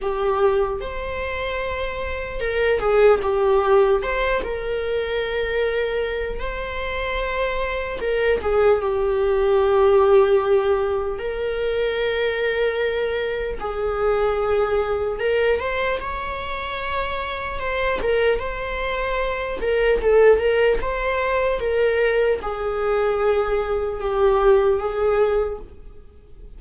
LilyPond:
\new Staff \with { instrumentName = "viola" } { \time 4/4 \tempo 4 = 75 g'4 c''2 ais'8 gis'8 | g'4 c''8 ais'2~ ais'8 | c''2 ais'8 gis'8 g'4~ | g'2 ais'2~ |
ais'4 gis'2 ais'8 c''8 | cis''2 c''8 ais'8 c''4~ | c''8 ais'8 a'8 ais'8 c''4 ais'4 | gis'2 g'4 gis'4 | }